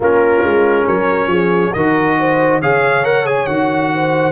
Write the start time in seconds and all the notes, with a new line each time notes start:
0.00 A#3 C#4 F4 A#4
0.43 G#3
0.85 F#3 A#4 C#5
1.26 F3 G#4
1.73 D#3 F#4 A#4 D#5
2.19 C5
2.61 C#3 G#4 C#5 F5
3.03 A#4 F#5
3.25 G#4 G#5
3.46 D#3 F#4 F#5
3.93 C5